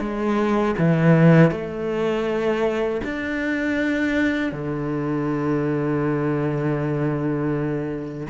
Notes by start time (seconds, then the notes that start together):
0.00 G#3
0.79 E3
1.51 A3
3.04 D4
4.53 D3